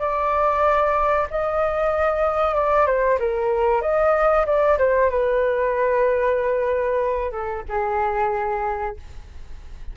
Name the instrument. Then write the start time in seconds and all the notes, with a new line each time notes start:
flute
0.00 D5
1.31 D#5
2.55 D5
2.87 C5
3.20 A#4
3.82 D#5
4.47 D5
4.79 C5
5.10 B4
7.32 A4
7.69 G#4